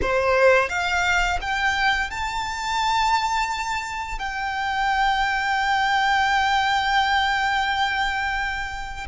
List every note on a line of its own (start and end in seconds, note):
0.01 0.69 C5
0.69 1.39 F5
1.41 2.10 G5
2.10 4.18 A5
4.18 9.07 G5